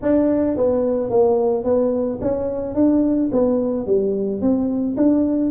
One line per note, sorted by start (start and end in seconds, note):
0.02 0.57 D4
0.57 1.10 B3
1.10 1.64 A#3
1.64 2.19 B3
2.21 2.74 C#4
2.74 3.30 D4
3.32 3.86 B3
3.86 4.41 G3
4.41 4.96 C4
4.96 5.50 D4